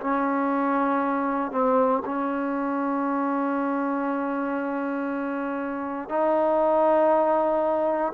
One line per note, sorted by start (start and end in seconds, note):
0.00 1.51 C#4
1.51 2.02 C4
2.05 6.09 C#4
6.09 8.12 D#4